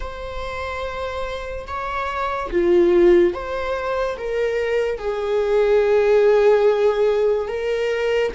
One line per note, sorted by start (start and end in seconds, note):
0.00 1.66 C5
1.66 2.50 C#5
2.50 3.33 F4
3.33 4.17 C5
4.17 4.98 A#4
4.98 7.48 G#4
7.48 8.31 A#4